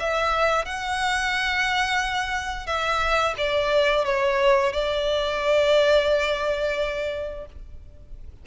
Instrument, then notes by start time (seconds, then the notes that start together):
violin
0.00 E5
0.66 F#5
2.67 E5
3.38 D5
4.05 C#5
4.73 D5